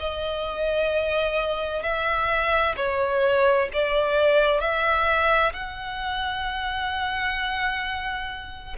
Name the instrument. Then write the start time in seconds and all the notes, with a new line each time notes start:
violin
0.00 D#5
1.83 E5
2.77 C#5
3.74 D5
4.61 E5
5.54 F#5